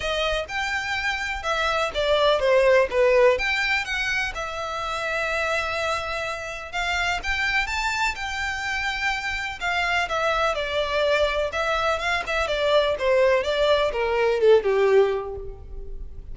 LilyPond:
\new Staff \with { instrumentName = "violin" } { \time 4/4 \tempo 4 = 125 dis''4 g''2 e''4 | d''4 c''4 b'4 g''4 | fis''4 e''2.~ | e''2 f''4 g''4 |
a''4 g''2. | f''4 e''4 d''2 | e''4 f''8 e''8 d''4 c''4 | d''4 ais'4 a'8 g'4. | }